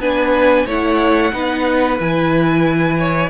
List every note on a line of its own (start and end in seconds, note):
0.00 0.66 B3
0.00 0.67 D4
0.00 0.67 B4
0.00 0.67 G#5
0.67 1.33 A3
0.67 1.32 E4
0.67 1.33 C#5
0.67 2.01 F#5
1.32 2.00 B3
1.32 1.98 D#4
1.32 2.99 B4
2.00 3.30 E3
2.00 3.30 E4
2.00 3.30 G#5
3.00 3.30 C#5